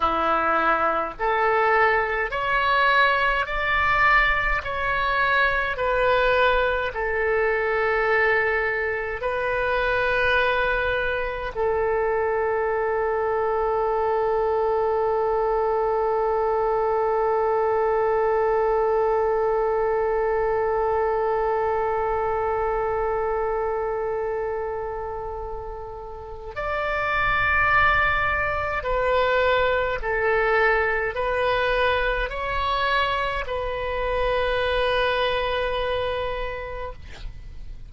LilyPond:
\new Staff \with { instrumentName = "oboe" } { \time 4/4 \tempo 4 = 52 e'4 a'4 cis''4 d''4 | cis''4 b'4 a'2 | b'2 a'2~ | a'1~ |
a'1~ | a'2. d''4~ | d''4 b'4 a'4 b'4 | cis''4 b'2. | }